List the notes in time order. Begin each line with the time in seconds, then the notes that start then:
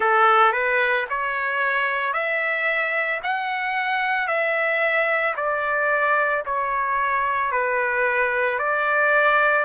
0.00 A4
0.52 B4
1.09 C#5
2.13 E5
3.23 F#5
4.27 E5
5.36 D5
6.45 C#5
7.51 B4
8.58 D5